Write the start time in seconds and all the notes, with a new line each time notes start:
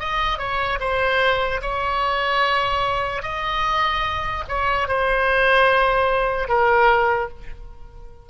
0.00 D#5
0.39 C#5
0.81 C5
1.62 C#5
3.22 D#5
4.49 C#5
4.88 C5
6.49 A#4